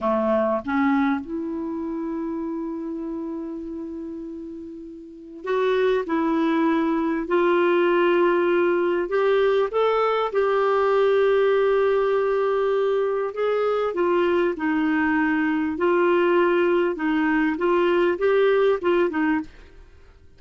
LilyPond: \new Staff \with { instrumentName = "clarinet" } { \time 4/4 \tempo 4 = 99 a4 cis'4 e'2~ | e'1~ | e'4 fis'4 e'2 | f'2. g'4 |
a'4 g'2.~ | g'2 gis'4 f'4 | dis'2 f'2 | dis'4 f'4 g'4 f'8 dis'8 | }